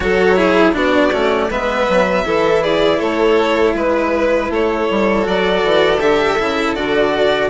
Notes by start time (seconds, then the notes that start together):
0.00 F#3 F#4 A4 C#5
0.35 E4 G#4
0.73 B3 D4 F#4 D5
1.12 A3 C#4
1.49 G#3 B3 B4 E5
1.88 F#3
2.24 E3 E4 A4
2.62 G#4 D5
2.98 A3 A4 C#5
3.74 G#3 B4
4.49 A3 A4 C#5
4.90 G3
5.22 F#3 F#4 D5
5.63 E3
5.99 D3 G4 E5
6.38 C#3 E4
6.75 D3 F#4 D5